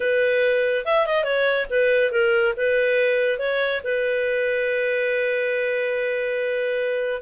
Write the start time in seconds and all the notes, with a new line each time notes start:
0.00 B4
0.85 E5
1.06 D#5
1.24 C#5
1.70 B4
2.11 A#4
2.56 B4
3.38 C#5
3.84 B4